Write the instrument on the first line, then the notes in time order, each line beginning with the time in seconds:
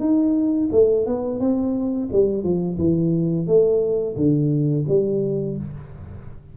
tuba
0.00 D#4
0.72 A3
1.06 B3
1.40 C4
2.13 G3
2.44 F3
2.78 E3
3.47 A3
4.17 D3
4.88 G3